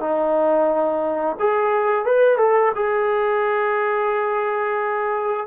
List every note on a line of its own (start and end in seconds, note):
0.00 1.36 D#4
1.39 2.05 G#4
2.05 2.38 B4
2.38 2.72 A4
2.75 5.47 G#4